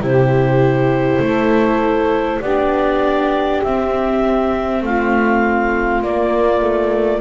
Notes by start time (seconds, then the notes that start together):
0.00 C3 E4 G4 C5
1.19 A3 A4
2.41 B3 D4 G4 D5
3.63 C4 E5
4.82 A3 F4 F5
6.02 A#3 D5
6.62 A3